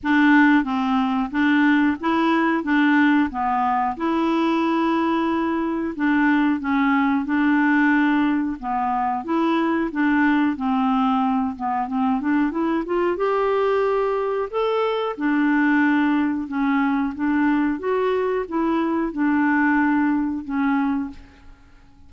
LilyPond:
\new Staff \with { instrumentName = "clarinet" } { \time 4/4 \tempo 4 = 91 d'4 c'4 d'4 e'4 | d'4 b4 e'2~ | e'4 d'4 cis'4 d'4~ | d'4 b4 e'4 d'4 |
c'4. b8 c'8 d'8 e'8 f'8 | g'2 a'4 d'4~ | d'4 cis'4 d'4 fis'4 | e'4 d'2 cis'4 | }